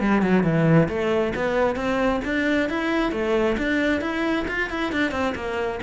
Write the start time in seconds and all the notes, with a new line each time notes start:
0.00 G3
0.22 F#3
0.43 E3
0.89 A3
1.35 B3
1.76 C4
2.24 D4
2.69 E4
3.12 A3
3.58 D4
4.01 E4
4.48 F4
4.70 E4
4.92 D4
5.11 C4
5.35 A#3